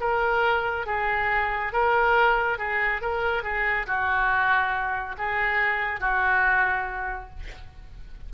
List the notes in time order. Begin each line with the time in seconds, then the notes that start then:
0.00 A#4
0.86 G#4
1.72 A#4
2.58 G#4
3.01 A#4
3.43 G#4
3.86 F#4
5.18 G#4
6.00 F#4